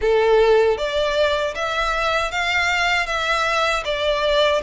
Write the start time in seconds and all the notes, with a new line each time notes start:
0.01 A4
0.77 D5
1.55 E5
2.31 F5
3.06 E5
3.85 D5